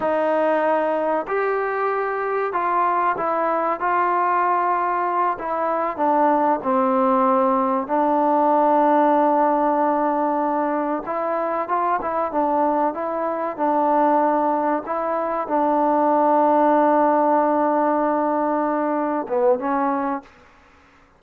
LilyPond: \new Staff \with { instrumentName = "trombone" } { \time 4/4 \tempo 4 = 95 dis'2 g'2 | f'4 e'4 f'2~ | f'8 e'4 d'4 c'4.~ | c'8 d'2.~ d'8~ |
d'4. e'4 f'8 e'8 d'8~ | d'8 e'4 d'2 e'8~ | e'8 d'2.~ d'8~ | d'2~ d'8 b8 cis'4 | }